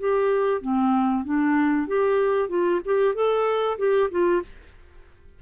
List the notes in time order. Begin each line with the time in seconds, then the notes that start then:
0.00 G4
0.62 C4
1.25 D4
1.88 G4
2.50 F4
2.85 G4
3.15 A4
3.79 G4
4.11 F4